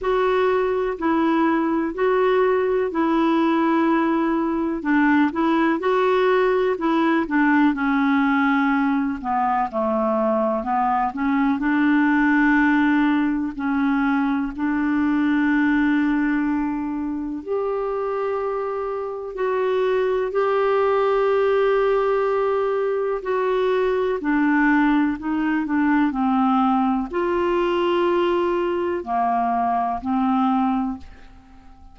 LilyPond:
\new Staff \with { instrumentName = "clarinet" } { \time 4/4 \tempo 4 = 62 fis'4 e'4 fis'4 e'4~ | e'4 d'8 e'8 fis'4 e'8 d'8 | cis'4. b8 a4 b8 cis'8 | d'2 cis'4 d'4~ |
d'2 g'2 | fis'4 g'2. | fis'4 d'4 dis'8 d'8 c'4 | f'2 ais4 c'4 | }